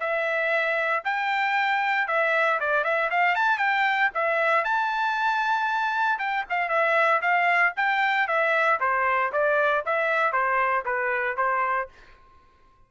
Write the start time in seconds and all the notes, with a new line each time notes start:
0.00 E5
1.05 G5
2.08 E5
2.60 D5
2.84 E5
3.11 F5
3.35 A5
3.58 G5
4.14 E5
4.64 A5
6.19 G5
6.50 F5
6.69 E5
7.22 F5
7.76 G5
8.28 E5
8.80 C5
9.32 D5
9.86 E5
10.33 C5
10.85 B4
11.37 C5